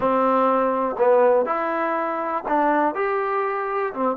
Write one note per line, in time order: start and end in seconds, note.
0.00 0.96 C4
0.98 1.45 B3
1.45 2.44 E4
2.48 2.95 D4
2.95 3.93 G4
3.93 4.16 C4